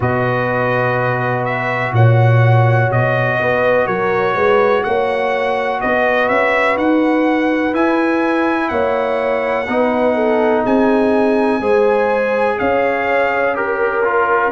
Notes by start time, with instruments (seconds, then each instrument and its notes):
0.00 tuba B2, trombone F#4, horn B4, trumpet D#5
1.44 trumpet E5
1.93 tuba A#2, horn C#5, trumpet F#5
2.91 tuba B2, trumpet D#5
3.39 tuba B3, horn B4
3.85 tuba F#3, horn A#4, trumpet C#5
4.34 tuba G#3, horn B4
4.83 tuba A#3, horn C#5, trumpet F#5
5.80 tuba B3, horn B4, trumpet D#5
6.28 tuba C#4, trumpet E5
6.76 tuba D#4, trumpet F#5
7.73 trombone E4, tuba E4, trumpet G#5
8.68 tuba A#3, horn C#5, trumpet F#5
9.67 tuba B3, trombone D#4, horn B4
10.15 horn A4
10.63 tuba C4, horn G#4, trumpet G#5
11.60 tuba G#3, trombone G#4, horn C5
12.58 tuba C#4, horn C#5, trumpet F5
13.54 trombone G4, horn A#4, trumpet A#4
14.04 trombone F4